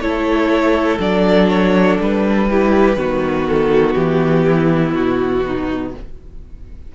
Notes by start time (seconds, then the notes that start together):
0.00 A3 E4 A4 C#5
0.99 F#3 D4 D5
1.49 C#5
2.00 G3 B4
2.50 E4 G4
2.97 D#3 B3 F#4
3.47 A4
3.95 E3 G4
4.45 E4
4.93 B2 F#4
5.46 D#4